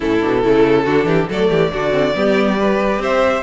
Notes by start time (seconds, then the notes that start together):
0.00 A2 C#4 E4 A4
0.20 B2 D4
0.42 C#3 A3 E4
0.84 D3 D4 F#4
1.04 E3 G4
1.28 F#3 A3 A4 D5
1.50 E3 G4
1.72 D3 D4 F#4
1.90 C4
2.14 G3 B3 G4
2.57 G4 B4
2.98 C4 C5 E5